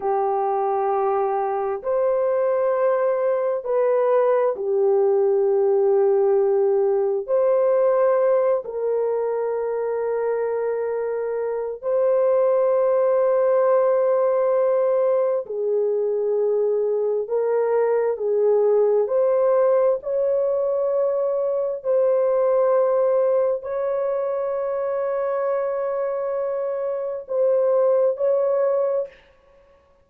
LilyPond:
\new Staff \with { instrumentName = "horn" } { \time 4/4 \tempo 4 = 66 g'2 c''2 | b'4 g'2. | c''4. ais'2~ ais'8~ | ais'4 c''2.~ |
c''4 gis'2 ais'4 | gis'4 c''4 cis''2 | c''2 cis''2~ | cis''2 c''4 cis''4 | }